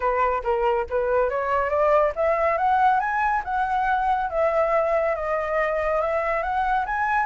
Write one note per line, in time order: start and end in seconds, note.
0.00 0.42 B4
0.43 0.86 A#4
0.89 1.29 B4
1.29 1.69 C#5
1.69 2.12 D5
2.15 2.57 E5
2.57 3.00 F#5
3.00 3.43 G#5
3.44 4.30 F#5
4.30 5.15 E5
5.15 6.01 D#5
6.01 6.42 E5
6.42 6.85 F#5
6.86 7.26 G#5